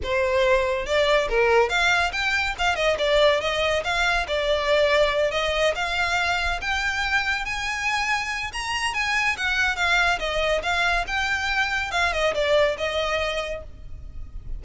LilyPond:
\new Staff \with { instrumentName = "violin" } { \time 4/4 \tempo 4 = 141 c''2 d''4 ais'4 | f''4 g''4 f''8 dis''8 d''4 | dis''4 f''4 d''2~ | d''8 dis''4 f''2 g''8~ |
g''4. gis''2~ gis''8 | ais''4 gis''4 fis''4 f''4 | dis''4 f''4 g''2 | f''8 dis''8 d''4 dis''2 | }